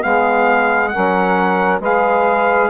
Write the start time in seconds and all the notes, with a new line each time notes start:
0.00 G#3 B3 G#4 F5
0.88 C#4 A#4 F#5
0.97 F#3
1.80 G#3 G#4 B4 F5